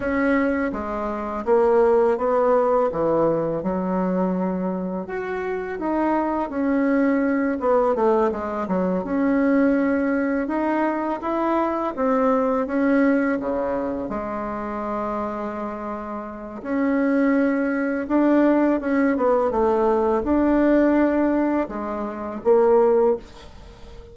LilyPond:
\new Staff \with { instrumentName = "bassoon" } { \time 4/4 \tempo 4 = 83 cis'4 gis4 ais4 b4 | e4 fis2 fis'4 | dis'4 cis'4. b8 a8 gis8 | fis8 cis'2 dis'4 e'8~ |
e'8 c'4 cis'4 cis4 gis8~ | gis2. cis'4~ | cis'4 d'4 cis'8 b8 a4 | d'2 gis4 ais4 | }